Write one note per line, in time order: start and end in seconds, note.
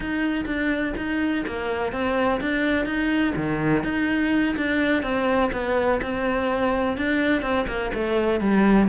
0.00 0.45 D#4
0.45 0.93 D4
0.96 1.44 D#4
1.46 1.92 A#3
1.92 2.40 C4
2.40 2.85 D4
2.85 3.33 D#4
3.36 3.83 D#3
3.83 4.55 D#4
4.56 5.02 D4
5.02 5.50 C4
5.52 6.00 B3
6.01 6.97 C4
6.97 7.42 D4
7.42 7.66 C4
7.67 7.91 A#3
7.94 8.40 A3
8.40 8.88 G3